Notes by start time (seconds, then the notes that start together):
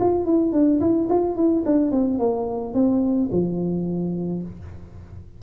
0.00 F4
0.26 E4
0.52 D4
0.80 E4
1.09 F4
1.36 E4
1.66 D4
1.91 C4
2.19 A#3
2.74 C4
3.31 F3